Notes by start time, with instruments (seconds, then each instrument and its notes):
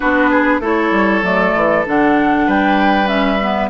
0.00 bassoon B3, clarinet D4, oboe F#4, flute B4
0.30 oboe G#4
0.59 bassoon A3, clarinet E4, oboe A4, flute C#5
0.91 bassoon G3
1.22 bassoon F#3, clarinet A3, flute D5
1.55 bassoon E3
1.86 bassoon D3, clarinet D4, flute F#5
2.46 bassoon G3, oboe B4, flute G5
3.06 clarinet C#4, flute E5
3.41 clarinet B3